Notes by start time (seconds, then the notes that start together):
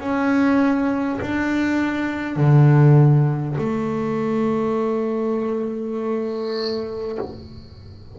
0.00 C#4
1.22 D4
2.36 D3
3.58 A3